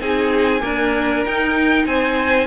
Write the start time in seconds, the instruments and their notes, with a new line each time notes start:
0.00 cello C4, viola D#4, violin G#4 G#5
0.60 viola A#3, cello D4, violin A#4
1.25 cello D#4, viola D#4, violin G5
1.85 cello C4, violin C5 G#5